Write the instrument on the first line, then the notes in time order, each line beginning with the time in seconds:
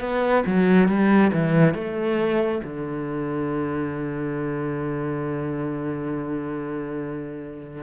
cello
0.00 B3
0.46 F#3
0.88 G3
1.33 E3
1.74 A3
2.64 D3